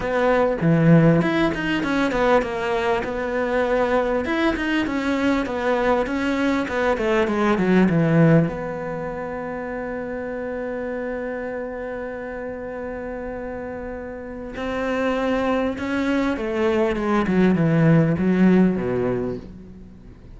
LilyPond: \new Staff \with { instrumentName = "cello" } { \time 4/4 \tempo 4 = 99 b4 e4 e'8 dis'8 cis'8 b8 | ais4 b2 e'8 dis'8 | cis'4 b4 cis'4 b8 a8 | gis8 fis8 e4 b2~ |
b1~ | b1 | c'2 cis'4 a4 | gis8 fis8 e4 fis4 b,4 | }